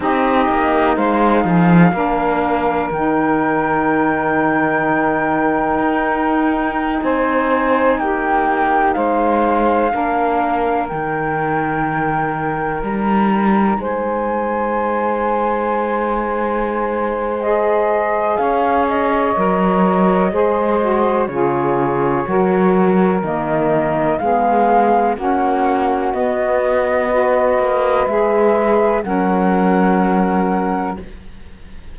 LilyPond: <<
  \new Staff \with { instrumentName = "flute" } { \time 4/4 \tempo 4 = 62 dis''4 f''2 g''4~ | g''2.~ g''16 gis''8.~ | gis''16 g''4 f''2 g''8.~ | g''4~ g''16 ais''4 gis''4.~ gis''16~ |
gis''2 dis''4 f''8 dis''8~ | dis''2 cis''2 | dis''4 f''4 fis''4 dis''4~ | dis''4 e''4 fis''2 | }
  \new Staff \with { instrumentName = "saxophone" } { \time 4/4 g'4 c''8 gis'8 ais'2~ | ais'2.~ ais'16 c''8.~ | c''16 g'4 c''4 ais'4.~ ais'16~ | ais'2~ ais'16 c''4.~ c''16~ |
c''2. cis''4~ | cis''4 c''4 gis'4 ais'4~ | ais'4 gis'4 fis'2 | b'2 ais'2 | }
  \new Staff \with { instrumentName = "saxophone" } { \time 4/4 dis'2 d'4 dis'4~ | dis'1~ | dis'2~ dis'16 d'4 dis'8.~ | dis'1~ |
dis'2 gis'2 | ais'4 gis'8 fis'8 f'4 fis'4 | ais4 b4 cis'4 b4 | fis'4 gis'4 cis'2 | }
  \new Staff \with { instrumentName = "cello" } { \time 4/4 c'8 ais8 gis8 f8 ais4 dis4~ | dis2 dis'4~ dis'16 c'8.~ | c'16 ais4 gis4 ais4 dis8.~ | dis4~ dis16 g4 gis4.~ gis16~ |
gis2. cis'4 | fis4 gis4 cis4 fis4 | dis4 gis4 ais4 b4~ | b8 ais8 gis4 fis2 | }
>>